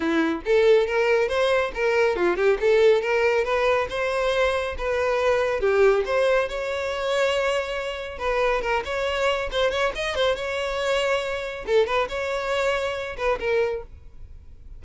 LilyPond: \new Staff \with { instrumentName = "violin" } { \time 4/4 \tempo 4 = 139 e'4 a'4 ais'4 c''4 | ais'4 f'8 g'8 a'4 ais'4 | b'4 c''2 b'4~ | b'4 g'4 c''4 cis''4~ |
cis''2. b'4 | ais'8 cis''4. c''8 cis''8 dis''8 c''8 | cis''2. a'8 b'8 | cis''2~ cis''8 b'8 ais'4 | }